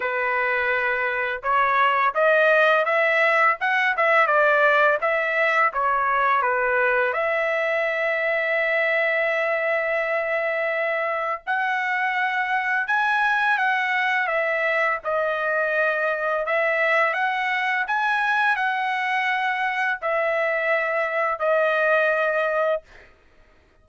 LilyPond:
\new Staff \with { instrumentName = "trumpet" } { \time 4/4 \tempo 4 = 84 b'2 cis''4 dis''4 | e''4 fis''8 e''8 d''4 e''4 | cis''4 b'4 e''2~ | e''1 |
fis''2 gis''4 fis''4 | e''4 dis''2 e''4 | fis''4 gis''4 fis''2 | e''2 dis''2 | }